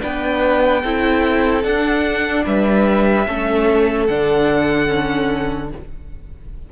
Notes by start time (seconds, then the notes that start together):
0.00 B3 D4 B4 G5
0.82 C4 E4 A4
1.63 D4 F#5
2.46 G3 B4 E5
3.26 A3 C#4 A4
4.06 D3 D4 F#5
4.87 C#4